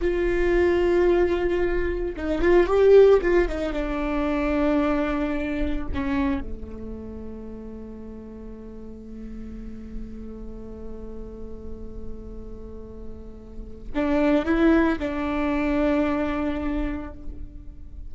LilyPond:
\new Staff \with { instrumentName = "viola" } { \time 4/4 \tempo 4 = 112 f'1 | dis'8 f'8 g'4 f'8 dis'8 d'4~ | d'2. cis'4 | a1~ |
a1~ | a1~ | a2 d'4 e'4 | d'1 | }